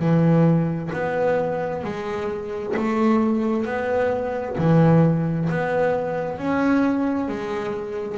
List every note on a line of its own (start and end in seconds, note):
0.00 0.91 E3
0.93 1.84 B3
1.84 2.75 G#3
2.77 3.66 A3
3.66 4.57 B3
4.58 5.49 E3
5.50 6.38 B3
6.38 7.29 C#4
7.29 8.18 G#3